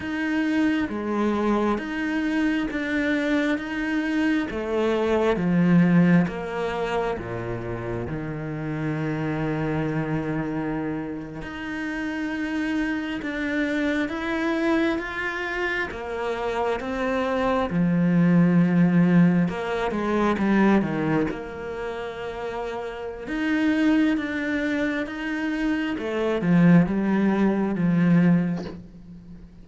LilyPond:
\new Staff \with { instrumentName = "cello" } { \time 4/4 \tempo 4 = 67 dis'4 gis4 dis'4 d'4 | dis'4 a4 f4 ais4 | ais,4 dis2.~ | dis8. dis'2 d'4 e'16~ |
e'8. f'4 ais4 c'4 f16~ | f4.~ f16 ais8 gis8 g8 dis8 ais16~ | ais2 dis'4 d'4 | dis'4 a8 f8 g4 f4 | }